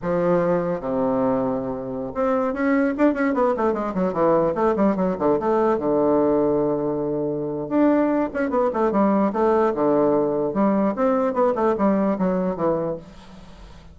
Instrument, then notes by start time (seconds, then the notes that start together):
bassoon
0.02 F3
0.80 C3
2.14 C4
2.53 C#4
2.97 D4
3.13 C#4
3.34 B3
3.56 A3
3.73 G#3
3.94 F#3
4.13 E3
4.54 A3
4.76 G3
4.96 F#3
5.19 D3
5.39 A3
5.78 D3
7.68 D4
8.33 C#4
8.50 B3
8.73 A3
8.91 G3
9.32 A3
9.74 D3
10.53 G3
10.95 C4
11.33 B3
11.55 A3
11.77 G3
12.18 F#3
12.55 E3